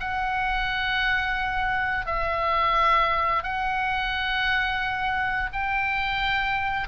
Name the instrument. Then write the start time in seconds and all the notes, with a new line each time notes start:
oboe
0.00 F#5
2.06 E5
3.43 F#5
5.53 G5